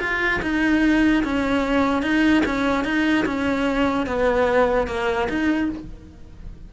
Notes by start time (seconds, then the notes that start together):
0.00 F4
0.43 D#4
1.24 C#4
2.03 D#4
2.46 C#4
2.85 D#4
3.26 C#4
4.07 B3
4.88 A#3
5.29 D#4